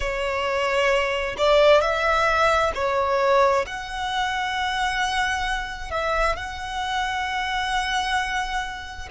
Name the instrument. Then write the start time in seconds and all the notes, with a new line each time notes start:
violin
0.00 C#5
1.37 D5
1.81 E5
2.74 C#5
3.66 F#5
5.90 E5
6.36 F#5